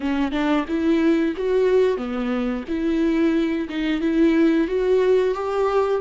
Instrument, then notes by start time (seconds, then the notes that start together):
viola
0.00 C#4
0.32 D4
0.68 E4
1.36 F#4
1.97 B3
2.68 E4
3.69 D#4
4.00 E4
4.67 F#4
5.34 G4